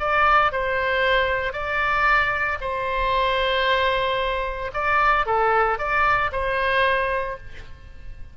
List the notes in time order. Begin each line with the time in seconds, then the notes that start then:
0.00 D5
0.52 C5
1.53 D5
2.61 C5
4.74 D5
5.26 A4
5.78 D5
6.32 C5